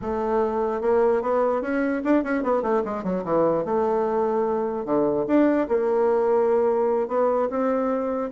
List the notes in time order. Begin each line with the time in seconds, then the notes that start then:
0.01 A3
0.81 A#3
1.22 B3
1.61 C#4
2.04 D4
2.23 C#4
2.43 B3
2.62 A3
2.84 G#3
3.03 F#3
3.24 E3
3.64 A3
4.85 D3
5.27 D4
5.68 A#3
7.08 B3
7.49 C4